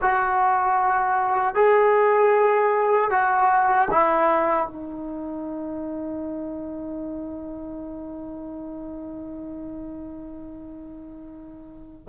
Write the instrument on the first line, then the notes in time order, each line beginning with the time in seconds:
trombone
0.01 F#4
1.54 G#4
3.10 F#4
3.90 E4
4.66 D#4